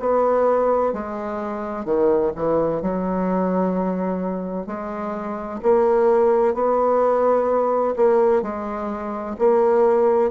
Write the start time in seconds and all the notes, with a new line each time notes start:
0.00 B3
0.93 G#3
1.85 D#3
2.36 E3
2.82 F#3
4.67 G#3
5.63 A#3
6.55 B3
7.96 A#3
8.42 G#3
9.39 A#3